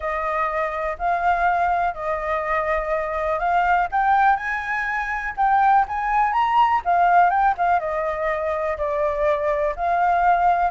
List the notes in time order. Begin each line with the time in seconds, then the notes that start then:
0.00 D#5
0.98 F5
1.94 D#5
3.39 F5
3.91 G5
4.36 G#5
5.36 G5
5.88 G#5
6.32 A#5
6.84 F5
7.30 G5
7.57 F5
7.79 D#5
8.77 D5
9.75 F5